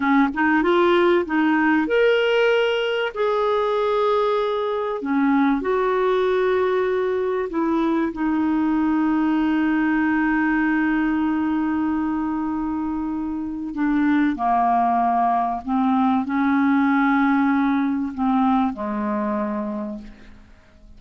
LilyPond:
\new Staff \with { instrumentName = "clarinet" } { \time 4/4 \tempo 4 = 96 cis'8 dis'8 f'4 dis'4 ais'4~ | ais'4 gis'2. | cis'4 fis'2. | e'4 dis'2.~ |
dis'1~ | dis'2 d'4 ais4~ | ais4 c'4 cis'2~ | cis'4 c'4 gis2 | }